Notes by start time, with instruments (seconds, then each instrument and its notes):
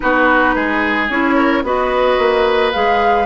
0.00 bassoon B3, clarinet D#4, oboe F#4, flute B4
0.55 bassoon G#3, oboe G#4
1.09 bassoon C#4, clarinet E4, flute C#5
1.35 oboe A#4
1.63 bassoon B3, clarinet F#4, oboe B4, flute D#5
2.18 bassoon A#3
2.72 bassoon G#3, clarinet G#4, flute F5